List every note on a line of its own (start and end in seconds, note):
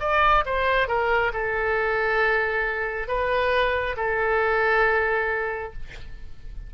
0.00 0.44 D5
0.46 0.88 C5
0.88 1.32 A#4
1.33 3.08 A4
3.08 3.96 B4
3.97 5.73 A4